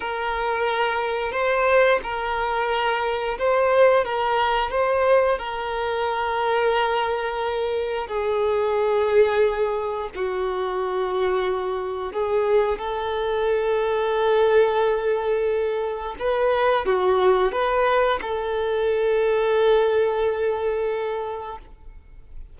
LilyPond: \new Staff \with { instrumentName = "violin" } { \time 4/4 \tempo 4 = 89 ais'2 c''4 ais'4~ | ais'4 c''4 ais'4 c''4 | ais'1 | gis'2. fis'4~ |
fis'2 gis'4 a'4~ | a'1 | b'4 fis'4 b'4 a'4~ | a'1 | }